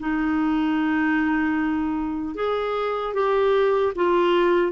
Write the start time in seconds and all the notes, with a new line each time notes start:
0.00 D#4
2.35 G#4
3.14 G4
3.95 F4